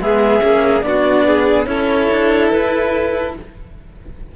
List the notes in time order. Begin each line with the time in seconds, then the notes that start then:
0.00 G#3 B3 G#4 E5
0.40 A#3 C#4
0.82 B3 D4 D5
0.88 F#4
1.27 G#4
1.65 C#4 E4 A4 C#5
2.11 D4
2.50 E4 B4